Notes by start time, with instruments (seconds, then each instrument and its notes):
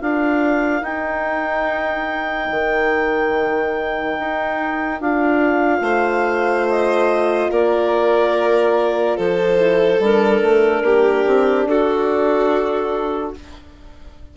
0.00 bassoon D4, horn F4, violin A#4, clarinet F5
0.81 horn D#4, bassoon D#4, clarinet G5
2.50 bassoon D#3
4.19 bassoon D#4
5.01 bassoon D4, horn F4, clarinet F5
5.81 bassoon A3, violin C5
6.68 clarinet D#5
7.51 bassoon A#3, violin A#4, clarinet D5
9.16 bassoon F3, violin A4, clarinet C5
9.57 horn E4
9.99 bassoon G3, horn D4, clarinet A#4
10.41 bassoon A3
10.82 bassoon A#3, violin G4
11.27 bassoon C4
11.65 bassoon D4, violin F#4, clarinet A4